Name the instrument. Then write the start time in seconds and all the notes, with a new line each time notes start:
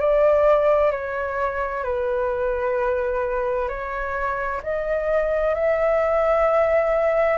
flute
0.00 D5
0.91 C#5
1.84 B4
3.68 C#5
4.63 D#5
5.55 E5